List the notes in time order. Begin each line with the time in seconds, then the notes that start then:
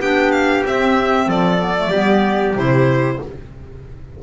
0.00 B3 D4 G4 G5
0.32 F5
0.65 C4 E5
1.28 F3 A4 D5
1.59 B3
1.77 A3
1.90 G3 B3 G4
2.56 C3 E4 C5